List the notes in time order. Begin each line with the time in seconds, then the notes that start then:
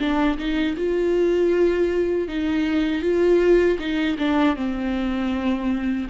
0.00 D4
0.38 D#4
0.77 F4
2.28 D#4
3.02 F4
3.79 D#4
4.19 D4
4.56 C4